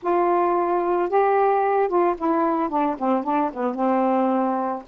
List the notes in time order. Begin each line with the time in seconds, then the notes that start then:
0.02 F4
1.09 G4
1.88 F4
2.18 E4
2.69 D4
2.98 C4
3.23 D4
3.53 B3
3.74 C4